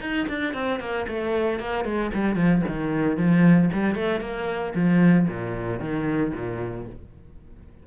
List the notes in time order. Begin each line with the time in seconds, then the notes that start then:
0.00 D#4
0.28 D4
0.54 C4
0.80 A#3
1.08 A3
1.59 A#3
1.84 G#3
2.14 G3
2.35 F3
2.67 D#3
3.17 F3
3.73 G3
3.95 A3
4.21 A#3
4.75 F3
5.28 A#2
5.80 D#3
6.34 A#2